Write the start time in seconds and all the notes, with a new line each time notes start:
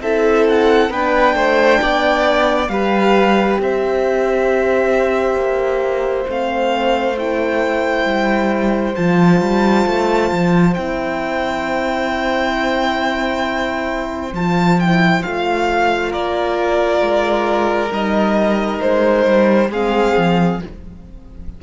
0.00 C4 E4 A4 E5
0.48 F#5
0.89 B3 D4 B4 G5
1.34 A3 C5
1.81 B3 D5
2.68 G3 G4 B4 F5
3.58 C4 C5 E5
5.35 A#3
6.28 A3 C4 F5
7.16 E4 G5
8.04 G3
8.95 F3 F4 A5
9.40 G3
9.86 A3
10.31 F3
10.73 C4 E4 G5
14.32 F3 F4 A5
14.79 E4 G5
15.22 A3 F4 F5
16.10 A#3 A#4 D5
17.01 G#3
17.91 G3 D#4 D#5
18.81 G#3 C5
19.26 G3
19.69 G#3 C4 G#4 F5
20.16 F3